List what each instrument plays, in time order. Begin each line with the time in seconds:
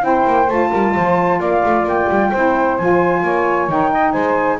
0.00 double bass C4, saxophone E4 C5, flute G5
0.27 double bass A#3
0.48 double bass A3, saxophone F4, flute A5
0.70 double bass G3, saxophone A#4
0.95 double bass F3, saxophone C5
1.39 double bass A#3, saxophone D5, flute F5
1.65 double bass A3
1.84 double bass A#3, flute G5
2.09 double bass G3
2.30 double bass C4, saxophone E4 C5
2.78 double bass F3, saxophone F4, flute G#5
3.23 double bass A#3, saxophone C#5
3.68 double bass D#3, saxophone D#4, flute G5
3.92 saxophone D#5
4.12 double bass G#3, saxophone C5, flute G#5